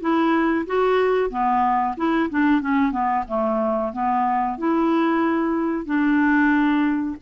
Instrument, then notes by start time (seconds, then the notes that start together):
clarinet
0.00 E4
0.66 F#4
1.30 B3
1.97 E4
2.30 D4
2.61 C#4
2.91 B3
3.27 A3
3.92 B3
4.58 E4
5.85 D4